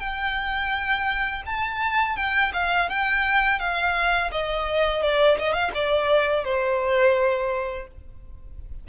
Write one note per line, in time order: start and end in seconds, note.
0.00 1.43 G5
1.47 2.17 A5
2.17 2.53 G5
2.54 2.90 F5
2.90 3.60 G5
3.60 4.31 F5
4.32 5.03 D#5
5.03 5.39 D5
5.39 5.54 D#5
5.54 5.72 F5
5.75 6.45 D5
6.45 7.88 C5